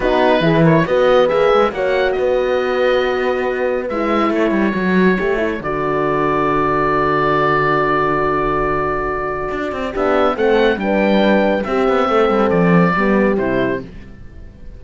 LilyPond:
<<
  \new Staff \with { instrumentName = "oboe" } { \time 4/4 \tempo 4 = 139 b'4. cis''8 dis''4 e''4 | fis''4 dis''2.~ | dis''4 e''4 cis''2~ | cis''4 d''2.~ |
d''1~ | d''2. e''4 | fis''4 g''2 e''4~ | e''4 d''2 c''4 | }
  \new Staff \with { instrumentName = "horn" } { \time 4/4 fis'4 gis'8 ais'8 b'2 | cis''4 b'2.~ | b'2 a'2~ | a'1~ |
a'1~ | a'2. g'4 | a'4 b'2 g'4 | a'2 g'2 | }
  \new Staff \with { instrumentName = "horn" } { \time 4/4 dis'4 e'4 fis'4 gis'4 | fis'1~ | fis'4 e'2 fis'4 | g'8 e'8 fis'2.~ |
fis'1~ | fis'2. d'4 | c'4 d'2 c'4~ | c'2 b4 e'4 | }
  \new Staff \with { instrumentName = "cello" } { \time 4/4 b4 e4 b4 ais8 gis8 | ais4 b2.~ | b4 gis4 a8 g8 fis4 | a4 d2.~ |
d1~ | d2 d'8 c'8 b4 | a4 g2 c'8 b8 | a8 g8 f4 g4 c4 | }
>>